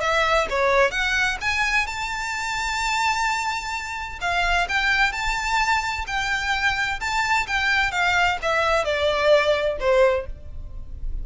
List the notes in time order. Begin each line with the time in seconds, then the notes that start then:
0.00 E5
0.49 C#5
0.90 F#5
1.40 G#5
1.86 A5
4.21 F5
4.68 G5
5.12 A5
6.07 G5
7.00 A5
7.47 G5
7.91 F5
8.42 E5
8.84 D5
9.79 C5